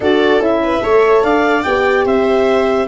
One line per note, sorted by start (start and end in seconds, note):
0.00 0.39 D4
0.00 0.40 F#4
0.00 0.61 A4
0.00 0.42 D5
0.39 0.80 C#4
0.39 0.81 E4
0.39 1.23 E5
0.63 0.83 B4
0.81 1.23 A3
0.81 1.63 A4
0.81 1.24 C#5
1.23 1.64 D4
1.23 2.05 D5
1.23 1.62 F5
1.62 2.05 B3
1.62 2.88 G4
1.62 2.04 G5
2.05 2.87 C4
2.05 2.87 C5
2.05 2.88 E5